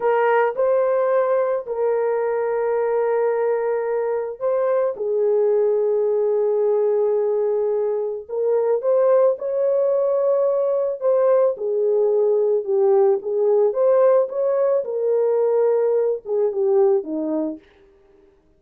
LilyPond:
\new Staff \with { instrumentName = "horn" } { \time 4/4 \tempo 4 = 109 ais'4 c''2 ais'4~ | ais'1 | c''4 gis'2.~ | gis'2. ais'4 |
c''4 cis''2. | c''4 gis'2 g'4 | gis'4 c''4 cis''4 ais'4~ | ais'4. gis'8 g'4 dis'4 | }